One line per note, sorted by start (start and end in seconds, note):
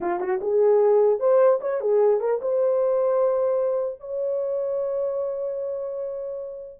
0.00 0.19 F4
0.19 0.39 F#4
0.41 1.19 G#4
1.19 1.59 C5
1.60 1.80 C#5
1.80 2.20 G#4
2.20 2.40 A#4
2.41 3.99 C5
3.99 6.79 C#5